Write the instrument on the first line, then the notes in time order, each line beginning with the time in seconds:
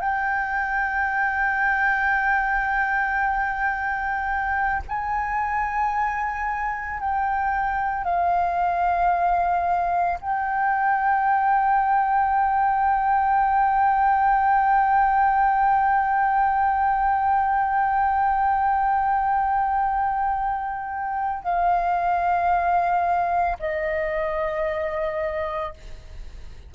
flute
0.00 G5
4.88 G#5
7.00 G5
8.04 F5
10.21 G5
21.43 F5
23.60 D#5